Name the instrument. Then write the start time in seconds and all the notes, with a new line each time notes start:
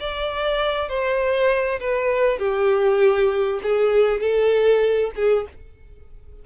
violin
0.00 D5
0.89 C5
1.80 B4
2.39 G4
3.63 G#4
4.21 A4
5.16 G#4